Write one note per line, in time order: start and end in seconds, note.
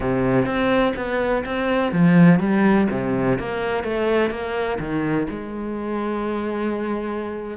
0.00 0.45 C3
0.45 0.93 C4
0.96 1.44 B3
1.45 1.92 C4
1.92 2.39 F3
2.39 2.87 G3
2.90 3.38 C3
3.38 3.83 A#3
3.83 4.30 A3
4.30 4.78 A#3
4.79 5.27 D#3
5.29 7.57 G#3